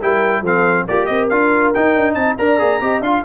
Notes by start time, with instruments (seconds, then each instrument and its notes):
0.00 tuba G3, trombone E4, horn A#4, trumpet G5
0.41 tuba F3, trombone C4, horn A4, trumpet F5
0.88 tuba A#3, horn F4, trombone G4, trumpet D5
1.06 tuba C4, horn A#4, trumpet D#5
1.29 tuba D4, trombone F4, trumpet F5
1.74 trombone D#4, tuba D#4, trumpet G5
1.95 tuba D4
2.14 tuba C4, horn D#5, trumpet A5
2.38 tuba D4, trombone A#4, horn D5, trumpet A#5
2.59 tuba A#3, trombone G#4
2.81 tuba C4, trombone G4, horn D#5
3.00 tuba D4, trombone F4, horn F5, trumpet C6